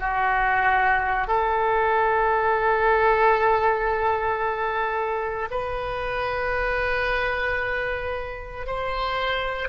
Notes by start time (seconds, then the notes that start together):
0.00 F#4
1.28 A4
5.51 B4
8.67 C5